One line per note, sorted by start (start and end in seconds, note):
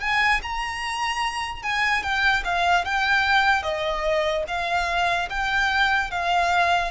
0.00 0.41 G#5
0.42 1.63 A#5
1.63 2.02 G#5
2.02 2.43 G5
2.44 2.85 F5
2.85 3.63 G5
3.63 4.44 D#5
4.47 5.29 F5
5.29 6.10 G5
6.11 6.91 F5